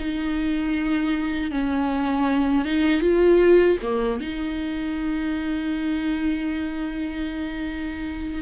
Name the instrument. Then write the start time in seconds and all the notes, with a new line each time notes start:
viola
0.00 D#4
1.52 C#4
2.65 D#4
3.02 F4
3.83 A#3
4.21 D#4